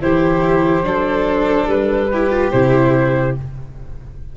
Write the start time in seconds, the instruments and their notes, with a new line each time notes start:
0.00 tuba E3, viola E4, violin G4, flute C5
0.84 tuba F#3, viola D4, violin A4
1.66 tuba G3, flute B4
2.11 viola E4, violin G4
2.30 viola F4
2.52 tuba C3, viola E4, flute C5